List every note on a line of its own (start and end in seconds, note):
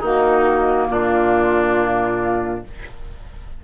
0.00 0.88 D#3
0.00 2.64 A#3
0.00 0.87 D#4
0.00 0.89 F#4
0.89 2.62 A#2
0.89 2.64 D4
0.89 2.63 F4